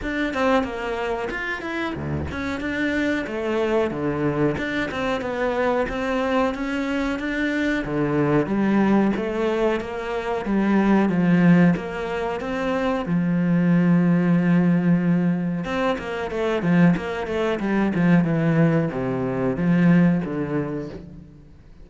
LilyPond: \new Staff \with { instrumentName = "cello" } { \time 4/4 \tempo 4 = 92 d'8 c'8 ais4 f'8 e'8 d,8 cis'8 | d'4 a4 d4 d'8 c'8 | b4 c'4 cis'4 d'4 | d4 g4 a4 ais4 |
g4 f4 ais4 c'4 | f1 | c'8 ais8 a8 f8 ais8 a8 g8 f8 | e4 c4 f4 d4 | }